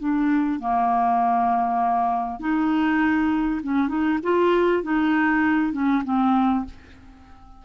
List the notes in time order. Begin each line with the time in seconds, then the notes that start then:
0.00 D4
0.61 A#3
2.40 D#4
3.64 C#4
3.89 D#4
4.23 F4
4.83 D#4
5.73 C#4
6.05 C4